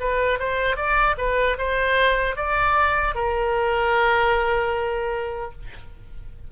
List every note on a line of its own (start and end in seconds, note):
0.00 0.39 B4
0.39 0.76 C5
0.76 1.16 D5
1.18 1.57 B4
1.58 2.36 C5
2.36 3.15 D5
3.15 5.52 A#4